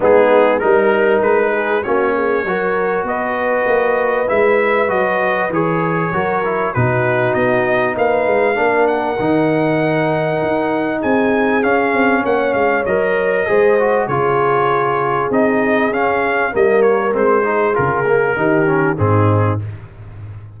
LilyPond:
<<
  \new Staff \with { instrumentName = "trumpet" } { \time 4/4 \tempo 4 = 98 gis'4 ais'4 b'4 cis''4~ | cis''4 dis''2 e''4 | dis''4 cis''2 b'4 | dis''4 f''4. fis''4.~ |
fis''2 gis''4 f''4 | fis''8 f''8 dis''2 cis''4~ | cis''4 dis''4 f''4 dis''8 cis''8 | c''4 ais'2 gis'4 | }
  \new Staff \with { instrumentName = "horn" } { \time 4/4 dis'4 ais'4. gis'8 fis'8 gis'8 | ais'4 b'2.~ | b'2 ais'4 fis'4~ | fis'4 b'4 ais'2~ |
ais'2 gis'2 | cis''2 c''4 gis'4~ | gis'2. ais'4~ | ais'8 gis'4. g'4 dis'4 | }
  \new Staff \with { instrumentName = "trombone" } { \time 4/4 b4 dis'2 cis'4 | fis'2. e'4 | fis'4 gis'4 fis'8 e'8 dis'4~ | dis'2 d'4 dis'4~ |
dis'2. cis'4~ | cis'4 ais'4 gis'8 fis'8 f'4~ | f'4 dis'4 cis'4 ais4 | c'8 dis'8 f'8 ais8 dis'8 cis'8 c'4 | }
  \new Staff \with { instrumentName = "tuba" } { \time 4/4 gis4 g4 gis4 ais4 | fis4 b4 ais4 gis4 | fis4 e4 fis4 b,4 | b4 ais8 gis8 ais4 dis4~ |
dis4 dis'4 c'4 cis'8 c'8 | ais8 gis8 fis4 gis4 cis4~ | cis4 c'4 cis'4 g4 | gis4 cis4 dis4 gis,4 | }
>>